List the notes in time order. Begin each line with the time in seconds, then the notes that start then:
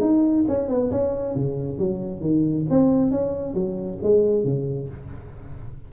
0.00 D#4
0.48 C#4
0.68 B3
0.91 C#4
1.35 C#3
1.78 F#3
2.21 D#3
2.70 C4
3.11 C#4
3.54 F#3
4.02 G#3
4.44 C#3